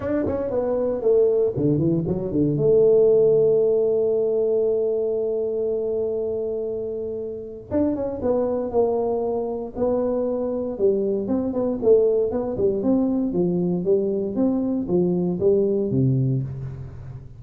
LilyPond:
\new Staff \with { instrumentName = "tuba" } { \time 4/4 \tempo 4 = 117 d'8 cis'8 b4 a4 d8 e8 | fis8 d8 a2.~ | a1~ | a2. d'8 cis'8 |
b4 ais2 b4~ | b4 g4 c'8 b8 a4 | b8 g8 c'4 f4 g4 | c'4 f4 g4 c4 | }